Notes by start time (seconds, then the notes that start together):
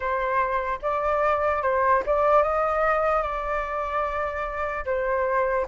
0.00 C5
0.82 D5
1.62 C5
2.06 D5
2.42 D#5
3.22 D5
4.85 C5